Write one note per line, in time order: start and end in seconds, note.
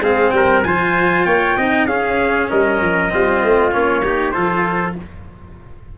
0.00 0.31 G#3
0.00 0.65 C4
0.00 0.34 G#4
0.00 0.31 F5
0.31 0.63 G3
0.31 0.67 A#4
0.31 0.62 G5
0.63 1.26 F3
0.63 1.58 F4
0.63 1.26 C5
0.63 1.25 G#5
1.25 1.57 A#3
1.25 1.57 C#5
1.25 1.87 G5
1.57 1.86 C4
1.57 1.88 D#4
1.57 1.88 D#5
1.86 2.48 C#4
1.86 3.10 C#4
1.86 2.51 G#4
1.86 2.49 F5
2.51 2.81 G3
2.51 3.12 A#4
2.51 3.73 D#5
2.81 3.12 F3
3.10 3.44 G3
3.10 3.72 C4
3.10 4.04 F4
3.44 3.74 A3
3.72 4.36 A#3
3.72 4.03 C#4
3.72 4.32 C#5
4.04 4.34 D#4
4.04 4.34 G4
4.32 4.99 F3
4.32 4.96 F4
4.32 4.96 A4
4.32 4.94 C5